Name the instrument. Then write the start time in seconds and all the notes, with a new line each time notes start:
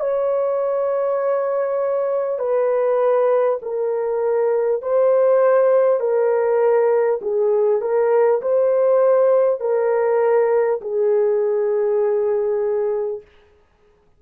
horn
0.00 C#5
2.38 B4
3.62 A#4
4.82 C5
6.00 A#4
7.21 G#4
7.81 A#4
8.41 C5
9.60 A#4
10.81 G#4